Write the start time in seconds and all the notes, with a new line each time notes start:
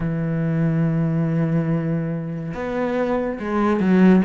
0.00 E3
2.54 B3
3.39 G#3
3.80 F#3